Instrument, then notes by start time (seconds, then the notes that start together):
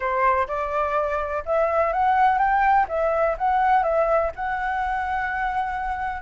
flute
0.00 C5
0.47 D5
1.45 E5
1.92 F#5
2.38 G5
2.88 E5
3.38 F#5
3.83 E5
4.35 F#5